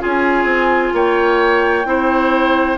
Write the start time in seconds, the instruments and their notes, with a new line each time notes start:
0.00 bassoon C#4, clarinet F4, oboe G#4, flute G#5
0.45 bassoon C4
0.93 bassoon A#3, oboe C#5, flute G5
1.85 bassoon C4, clarinet E4, oboe C5